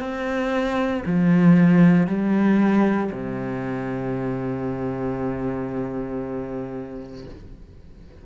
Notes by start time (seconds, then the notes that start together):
0.00 C4
1.06 F3
2.07 G3
3.12 C3